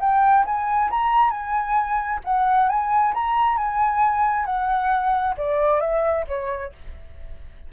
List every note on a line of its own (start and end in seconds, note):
0.00 0.45 G5
0.45 0.90 G#5
0.90 1.30 A#5
1.30 2.20 G#5
2.24 2.69 F#5
2.69 3.14 G#5
3.14 3.57 A#5
3.57 4.46 G#5
4.46 5.35 F#5
5.37 5.80 D5
5.80 6.25 E5
6.27 6.72 C#5